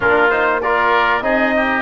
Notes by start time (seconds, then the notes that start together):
0.00 A#3 D4 F4 A#4
0.30 D#4 C5
0.61 F4 A#4 D5
1.21 C4 D#4 G#4 D#5
1.56 G4